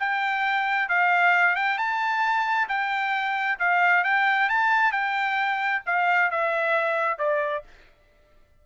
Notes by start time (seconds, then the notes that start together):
0.00 G5
0.89 F5
1.56 G5
1.78 A5
2.69 G5
3.59 F5
4.04 G5
4.50 A5
4.93 G5
5.86 F5
6.31 E5
7.19 D5